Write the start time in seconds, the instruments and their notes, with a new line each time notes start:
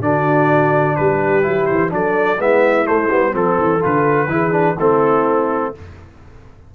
0.00 tuba D3, trombone D4, horn F#4, trumpet D5
0.96 tuba G3, horn G4, trumpet B4
1.42 tuba F#3, trombone E4
1.66 tuba E3, trumpet C5
1.89 tuba F#3, trombone D4, horn A4, trumpet D5
2.39 tuba G#3, trombone B3, horn E4, trumpet E5
2.85 trombone A3, tuba A3, trumpet C5
3.11 tuba G3, trombone B3
3.32 tuba F3, trombone C4, horn A4, trumpet A4
3.59 tuba E3
3.80 tuba D3, trombone F4, trumpet B4
4.28 tuba E3, trombone E4, horn G#4
4.51 trombone D4
4.77 tuba A3, trombone C4, horn E4, trumpet A4